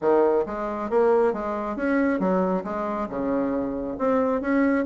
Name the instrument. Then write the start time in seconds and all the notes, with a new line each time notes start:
bassoon
0.01 D#3
0.46 G#3
0.90 A#3
1.33 G#3
1.76 C#4
2.19 F#3
2.64 G#3
3.09 C#3
3.98 C4
4.41 C#4